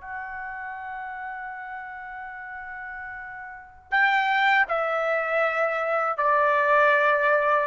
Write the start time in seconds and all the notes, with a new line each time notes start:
0.00 F#5
3.90 G5
4.68 E5
6.17 D5